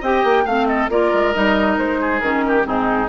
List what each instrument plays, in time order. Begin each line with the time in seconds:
0.00 bassoon C4, clarinet G4, oboe D#5, flute G5
0.24 bassoon A#3
0.45 bassoon A3, clarinet C4, oboe F5, flute F5
0.67 oboe A4, flute D#5
0.90 bassoon A#3, clarinet F4, oboe A#4, flute D5
1.13 bassoon G#3
1.33 bassoon G3, clarinet D#4, flute D#5
1.78 bassoon G#3, flute C5
2.01 oboe G#4
2.20 bassoon D#3, clarinet C#4, flute A#4
2.48 oboe G4
2.64 bassoon G#2, clarinet C4, oboe D#4, flute G#4